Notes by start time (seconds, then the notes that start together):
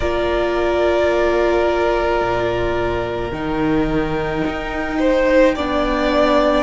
0.00 A#3 F4 A#4 D5
2.21 A#2
3.31 D#3 D#4 G5
4.47 D#4
4.99 C5
5.55 B3 D4 D5